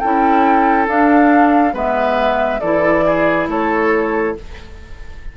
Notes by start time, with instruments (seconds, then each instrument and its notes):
0.00 bassoon C#4, clarinet E4, oboe A4, flute G5
0.88 bassoon D4, clarinet D4, flute F5
1.73 bassoon G#3, clarinet B3, oboe B4, flute E5
2.61 bassoon E3, clarinet E4, oboe A4, flute D5
3.06 oboe G#4
3.48 bassoon A3, oboe A4, flute C#5